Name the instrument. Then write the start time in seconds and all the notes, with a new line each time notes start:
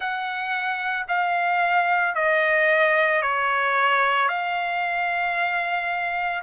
trumpet
0.00 F#5
1.08 F5
2.14 D#5
3.21 C#5
4.28 F5